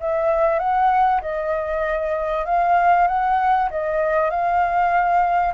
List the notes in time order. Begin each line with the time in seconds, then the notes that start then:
0.00 E5
0.59 F#5
1.21 D#5
2.45 F5
3.07 F#5
3.70 D#5
4.30 F5